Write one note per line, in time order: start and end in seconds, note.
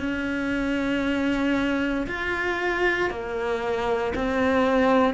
0.00 2.07 C#4
2.07 3.10 F4
3.10 4.14 A#3
4.16 5.14 C4